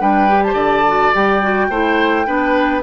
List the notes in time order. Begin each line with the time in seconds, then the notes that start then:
0.00 G3 D4 B4 G5
0.28 G4
0.43 C5 A5
0.53 D3 D5
0.87 F#4
1.13 G3 G4 G5
1.42 F#4
1.69 A3 E4 C5
2.25 B3 D4 B4